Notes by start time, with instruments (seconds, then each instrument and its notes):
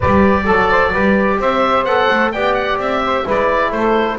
0.00 double bass G3, trombone G4, saxophone B4, oboe D5
0.44 double bass F#3, saxophone A4, trombone A4
0.70 saxophone C5
0.91 double bass G3, trombone G4, saxophone B4
1.39 double bass C4, saxophone C5, oboe E5
1.84 double bass B3, trombone A4, oboe F#5
2.10 double bass A3
2.32 double bass B3, trombone G4, saxophone D5, oboe G5
2.54 oboe F#5
2.77 double bass C4, oboe E5
3.04 saxophone C5
3.24 double bass G#3, trombone E4, saxophone B4
3.30 oboe D5
3.71 double bass A3, saxophone A4, oboe C5